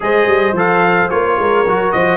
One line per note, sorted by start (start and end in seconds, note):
0.00 0.27 G#3
0.00 0.55 G#4
0.00 1.40 C5
0.00 0.57 D#5
0.27 0.52 G3
0.52 1.07 F3
0.52 1.10 A4
0.52 1.10 F5
1.10 1.38 A#3
1.10 1.65 F4
1.10 1.92 C#5
1.38 1.65 G#3
1.38 1.95 A#4
1.66 1.93 F#3
1.66 2.17 F#4
1.92 2.17 F3
1.92 2.17 C5
1.92 2.17 D#5